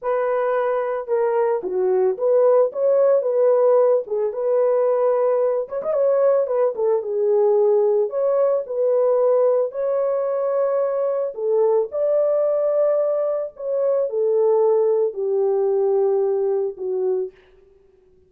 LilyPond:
\new Staff \with { instrumentName = "horn" } { \time 4/4 \tempo 4 = 111 b'2 ais'4 fis'4 | b'4 cis''4 b'4. gis'8 | b'2~ b'8 cis''16 dis''16 cis''4 | b'8 a'8 gis'2 cis''4 |
b'2 cis''2~ | cis''4 a'4 d''2~ | d''4 cis''4 a'2 | g'2. fis'4 | }